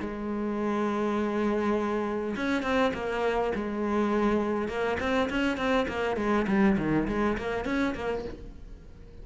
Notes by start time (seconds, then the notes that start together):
0.00 G#3
2.36 C#4
2.62 C4
2.94 A#3
3.55 G#3
4.68 A#3
5.00 C4
5.29 C#4
5.57 C4
5.88 A#3
6.16 G#3
6.47 G3
6.78 D#3
7.08 G#3
7.37 A#3
7.65 C#4
7.95 A#3